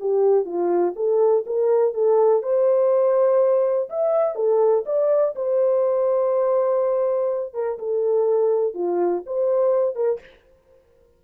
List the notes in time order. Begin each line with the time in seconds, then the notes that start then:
0.00 G4
0.45 F4
0.96 A4
1.46 A#4
1.94 A4
2.43 C5
3.90 E5
4.36 A4
4.86 D5
5.36 C5
7.54 A#4
7.79 A4
8.74 F4
9.26 C5
9.96 A#4